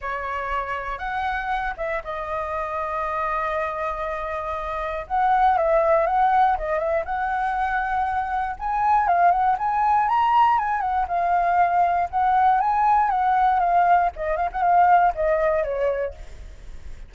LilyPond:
\new Staff \with { instrumentName = "flute" } { \time 4/4 \tempo 4 = 119 cis''2 fis''4. e''8 | dis''1~ | dis''2 fis''4 e''4 | fis''4 dis''8 e''8 fis''2~ |
fis''4 gis''4 f''8 fis''8 gis''4 | ais''4 gis''8 fis''8 f''2 | fis''4 gis''4 fis''4 f''4 | dis''8 f''16 fis''16 f''4 dis''4 cis''4 | }